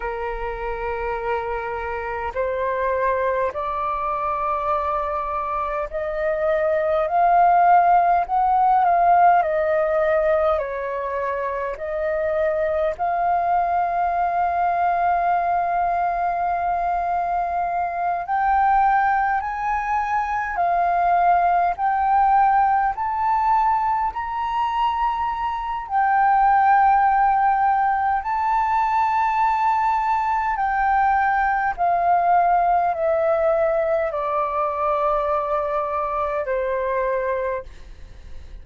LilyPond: \new Staff \with { instrumentName = "flute" } { \time 4/4 \tempo 4 = 51 ais'2 c''4 d''4~ | d''4 dis''4 f''4 fis''8 f''8 | dis''4 cis''4 dis''4 f''4~ | f''2.~ f''8 g''8~ |
g''8 gis''4 f''4 g''4 a''8~ | a''8 ais''4. g''2 | a''2 g''4 f''4 | e''4 d''2 c''4 | }